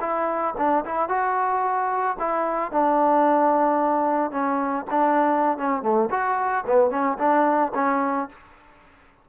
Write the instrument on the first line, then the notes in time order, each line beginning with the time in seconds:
trombone
0.00 E4
0.57 D4
0.85 E4
1.08 F#4
2.19 E4
2.71 D4
4.31 C#4
4.90 D4
5.57 C#4
5.82 A3
6.10 F#4
6.66 B3
6.90 C#4
7.18 D4
7.74 C#4